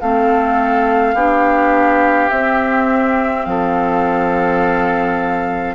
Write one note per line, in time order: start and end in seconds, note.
0.00 1.14 A3
0.00 1.16 C4
0.00 1.14 A4
0.00 2.29 F5
1.14 2.29 B3
1.14 2.30 D4
1.14 3.45 G4
2.29 5.75 C4
2.29 3.45 C4
2.29 3.44 E5
3.44 5.75 F3
3.44 5.75 A4
3.44 5.75 F5